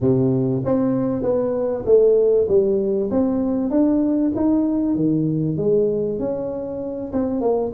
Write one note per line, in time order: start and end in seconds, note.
0.00 0.62 C3
0.64 1.22 C4
1.22 1.84 B3
1.85 2.47 A3
2.48 3.10 G3
3.11 3.70 C4
3.70 4.32 D4
4.35 4.95 D#4
4.95 5.57 D#3
5.57 6.19 G#3
6.19 7.12 C#4
7.12 7.40 C4
7.40 7.71 A#3